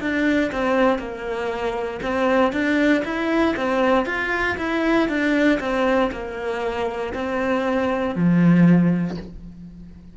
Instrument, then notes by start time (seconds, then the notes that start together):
cello
0.00 D4
0.51 C4
0.98 A#3
2.02 C4
2.52 D4
3.04 E4
3.56 C4
4.05 F4
4.57 E4
5.08 D4
5.59 C4
6.11 A#3
7.14 C4
8.15 F3